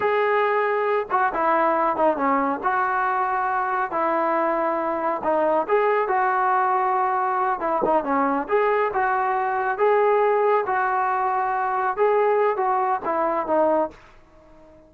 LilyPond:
\new Staff \with { instrumentName = "trombone" } { \time 4/4 \tempo 4 = 138 gis'2~ gis'8 fis'8 e'4~ | e'8 dis'8 cis'4 fis'2~ | fis'4 e'2. | dis'4 gis'4 fis'2~ |
fis'4. e'8 dis'8 cis'4 gis'8~ | gis'8 fis'2 gis'4.~ | gis'8 fis'2. gis'8~ | gis'4 fis'4 e'4 dis'4 | }